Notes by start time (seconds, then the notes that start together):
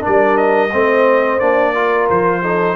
0.00 D4 A#4 D5
0.07 G3
0.37 D#5
0.72 A3 C4 C5
1.39 A#3 D4 D5
1.72 F4 A#4
2.09 F3 C5
2.41 D#4 A4